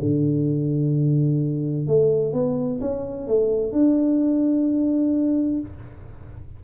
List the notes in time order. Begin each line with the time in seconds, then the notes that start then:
0.00 D3
1.87 A3
2.34 B3
2.81 C#4
3.27 A3
3.72 D4